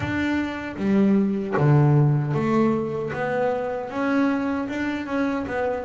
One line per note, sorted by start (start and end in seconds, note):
0.00 0.75 D4
0.76 1.54 G3
1.57 2.33 D3
2.33 3.11 A3
3.13 3.90 B3
3.90 4.68 C#4
4.68 5.06 D4
5.06 5.45 C#4
5.47 5.85 B3